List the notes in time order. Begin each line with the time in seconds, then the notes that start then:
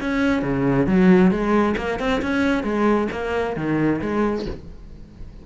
0.00 C#4
0.42 C#3
0.86 F#3
1.31 G#3
1.77 A#3
1.99 C4
2.22 C#4
2.63 G#3
3.12 A#3
3.56 D#3
4.01 G#3